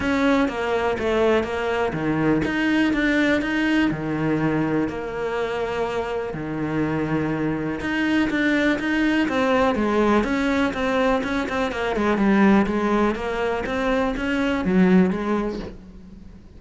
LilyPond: \new Staff \with { instrumentName = "cello" } { \time 4/4 \tempo 4 = 123 cis'4 ais4 a4 ais4 | dis4 dis'4 d'4 dis'4 | dis2 ais2~ | ais4 dis2. |
dis'4 d'4 dis'4 c'4 | gis4 cis'4 c'4 cis'8 c'8 | ais8 gis8 g4 gis4 ais4 | c'4 cis'4 fis4 gis4 | }